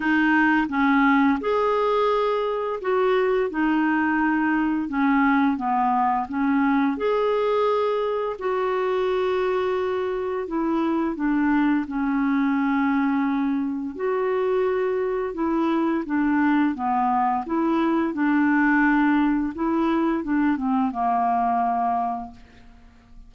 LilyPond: \new Staff \with { instrumentName = "clarinet" } { \time 4/4 \tempo 4 = 86 dis'4 cis'4 gis'2 | fis'4 dis'2 cis'4 | b4 cis'4 gis'2 | fis'2. e'4 |
d'4 cis'2. | fis'2 e'4 d'4 | b4 e'4 d'2 | e'4 d'8 c'8 ais2 | }